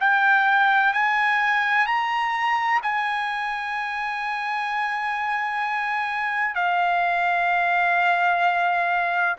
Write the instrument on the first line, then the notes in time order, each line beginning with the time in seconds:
trumpet
0.00 G5
0.93 G#5
1.87 A#5
2.83 G#5
6.55 F5